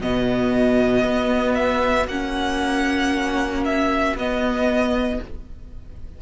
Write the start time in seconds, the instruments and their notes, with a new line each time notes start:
0.00 cello B2, viola B3, violin F#4 D#5
1.03 cello B3
1.55 violin E5
2.07 cello A#3, viola C#4, violin F#5
3.64 violin E5
4.15 cello B3, viola B3, violin D#5